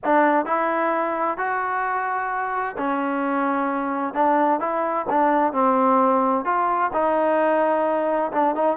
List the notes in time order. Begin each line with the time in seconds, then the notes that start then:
0.04 D4
0.45 E4
1.37 F#4
2.77 C#4
4.14 D4
4.60 E4
5.09 D4
5.52 C4
6.44 F4
6.93 D#4
8.32 D4
8.55 D#4